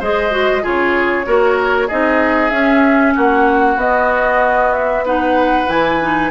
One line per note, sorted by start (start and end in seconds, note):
0.00 0.64 G#3
0.00 0.31 G#4
0.00 0.63 C5
0.00 0.66 D#5
0.31 0.62 F#4
0.62 1.27 C#3
0.62 1.25 F4
0.62 1.26 G#4
0.62 1.89 C#5
1.26 1.90 A#3
1.26 1.89 F#4
1.26 1.88 A#4
1.88 2.51 C4
1.88 2.52 D#4
1.88 3.14 G#4
1.88 2.51 D#5
2.51 3.14 C#4
2.51 3.78 C#4
2.51 3.14 E5
3.16 3.77 A#3
3.16 5.05 F#4
3.16 3.80 F#5
3.77 5.66 B3
3.77 5.04 B3
3.77 4.74 D#5
4.74 5.05 E5
5.05 5.68 D#4
5.05 6.31 B4
5.05 5.70 F#5
5.68 6.31 E3
5.68 5.99 E4
5.68 6.31 G#5
6.02 6.31 D#4